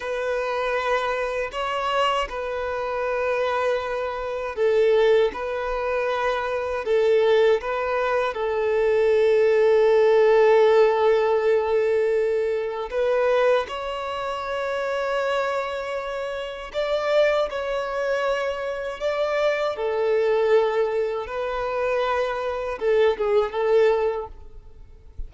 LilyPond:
\new Staff \with { instrumentName = "violin" } { \time 4/4 \tempo 4 = 79 b'2 cis''4 b'4~ | b'2 a'4 b'4~ | b'4 a'4 b'4 a'4~ | a'1~ |
a'4 b'4 cis''2~ | cis''2 d''4 cis''4~ | cis''4 d''4 a'2 | b'2 a'8 gis'8 a'4 | }